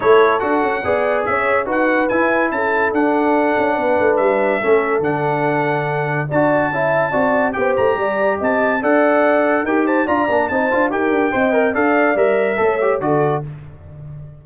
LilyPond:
<<
  \new Staff \with { instrumentName = "trumpet" } { \time 4/4 \tempo 4 = 143 cis''4 fis''2 e''4 | fis''4 gis''4 a''4 fis''4~ | fis''2 e''2 | fis''2. a''4~ |
a''2 g''8 ais''4. | a''4 fis''2 g''8 a''8 | ais''4 a''4 g''2 | f''4 e''2 d''4 | }
  \new Staff \with { instrumentName = "horn" } { \time 4/4 a'2 d''4 cis''4 | b'2 a'2~ | a'4 b'2 a'4~ | a'2. d''4 |
e''4 d''4 c''4 d''4 | dis''4 d''2 ais'8 c''8 | d''4 c''4 ais'4 dis''4 | d''2 cis''4 a'4 | }
  \new Staff \with { instrumentName = "trombone" } { \time 4/4 e'4 fis'4 gis'2 | fis'4 e'2 d'4~ | d'2. cis'4 | d'2. fis'4 |
e'4 fis'4 g'2~ | g'4 a'2 g'4 | f'8 d'8 dis'8 f'8 g'4 c''8 ais'8 | a'4 ais'4 a'8 g'8 fis'4 | }
  \new Staff \with { instrumentName = "tuba" } { \time 4/4 a4 d'8 cis'8 b4 cis'4 | dis'4 e'4 cis'4 d'4~ | d'8 cis'8 b8 a8 g4 a4 | d2. d'4 |
cis'4 c'4 b8 a8 g4 | c'4 d'2 dis'4 | d'8 ais8 c'8 d'8 dis'8 d'8 c'4 | d'4 g4 a4 d4 | }
>>